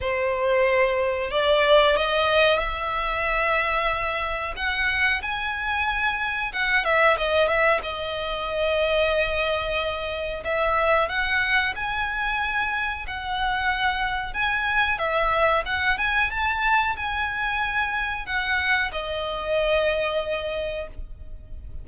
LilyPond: \new Staff \with { instrumentName = "violin" } { \time 4/4 \tempo 4 = 92 c''2 d''4 dis''4 | e''2. fis''4 | gis''2 fis''8 e''8 dis''8 e''8 | dis''1 |
e''4 fis''4 gis''2 | fis''2 gis''4 e''4 | fis''8 gis''8 a''4 gis''2 | fis''4 dis''2. | }